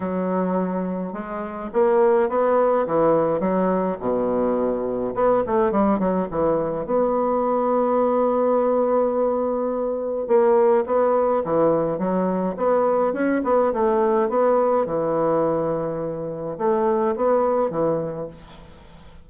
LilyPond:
\new Staff \with { instrumentName = "bassoon" } { \time 4/4 \tempo 4 = 105 fis2 gis4 ais4 | b4 e4 fis4 b,4~ | b,4 b8 a8 g8 fis8 e4 | b1~ |
b2 ais4 b4 | e4 fis4 b4 cis'8 b8 | a4 b4 e2~ | e4 a4 b4 e4 | }